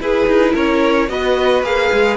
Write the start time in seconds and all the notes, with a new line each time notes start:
0.00 E4 G#4 B4
0.28 D#4
0.54 C#4 A#4 C#5
1.09 B3 F#4 B4 D#5
1.63 A#3 G#4 F5
1.93 G#3